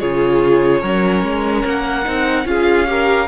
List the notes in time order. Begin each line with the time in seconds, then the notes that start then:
0.00 C#3 F4 G#4 C#5
0.81 F#3 C#4 A#4
1.23 G#3
1.66 A#3 F#5
2.04 C4 D#4
2.45 C#4 F4 G#4 F5
2.86 G4 A#4